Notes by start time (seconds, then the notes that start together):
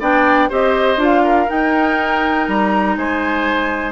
0.00 B3 D4 D5 G5
0.49 C4 G4 C5 D#5
0.97 D4 F4
1.03 F5
1.24 A#4
1.48 D#4 G5
2.47 G3 A#5
2.96 G#3 C5 G#5